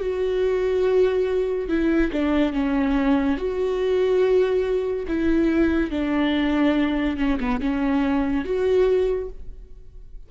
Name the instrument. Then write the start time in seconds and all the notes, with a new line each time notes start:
viola
0.00 F#4
1.68 E4
2.12 D4
2.52 C#4
3.37 F#4
5.07 E4
5.90 D4
7.17 C#4
7.40 B3
7.60 C#4
8.44 F#4